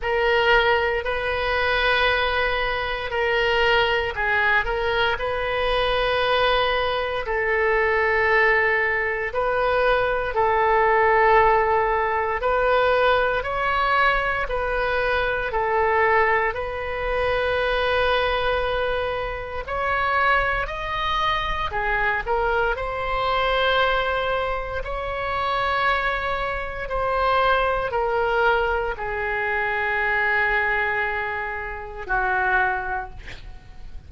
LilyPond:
\new Staff \with { instrumentName = "oboe" } { \time 4/4 \tempo 4 = 58 ais'4 b'2 ais'4 | gis'8 ais'8 b'2 a'4~ | a'4 b'4 a'2 | b'4 cis''4 b'4 a'4 |
b'2. cis''4 | dis''4 gis'8 ais'8 c''2 | cis''2 c''4 ais'4 | gis'2. fis'4 | }